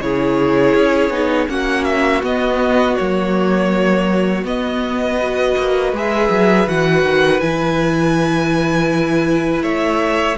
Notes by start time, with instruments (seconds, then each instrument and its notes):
0.00 cello C#3, viola E4, violin G#4 C#5
0.74 cello C#4
1.09 cello B3, viola D#4
1.47 cello A#3, viola C#4, violin F#4 F#5
1.84 violin E5
2.22 viola B3, cello B3, violin D#5
2.96 cello F#3, viola A#3, violin C#5
4.44 viola B3, cello B3, violin D#5
5.19 viola F#4, violin B4
5.57 cello A#3
5.92 cello G#3, viola G#4, violin E5
6.29 cello F#3
6.67 cello E3, viola F#4, violin F#5
7.03 cello D#3
7.40 cello E3, viola E4, violin G#5
9.62 cello A3, violin C#5 E5